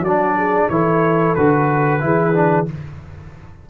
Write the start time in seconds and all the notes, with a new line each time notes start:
0.00 F#3 F#4 D5
0.07 D4
0.37 G#4
0.69 E3 E4 A4 C#5
1.35 D3 F#4 B4
2.00 E3 E4 G#4
2.33 D4